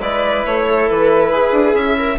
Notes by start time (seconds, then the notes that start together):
0.00 G#3 E4 B4 D5
0.45 A3 C#5
0.66 A4
0.89 E3 B4
1.31 E4 G#4
1.52 D4
1.74 C#4 E5
1.98 A#4